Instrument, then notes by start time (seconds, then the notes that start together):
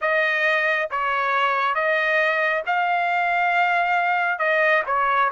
trumpet
0.01 D#5
0.91 C#5
1.74 D#5
2.66 F5
4.38 D#5
4.86 C#5